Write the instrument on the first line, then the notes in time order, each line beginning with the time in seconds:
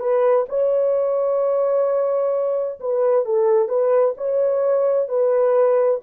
horn
0.00 B4
0.50 C#5
2.81 B4
3.26 A4
3.69 B4
4.17 C#5
5.09 B4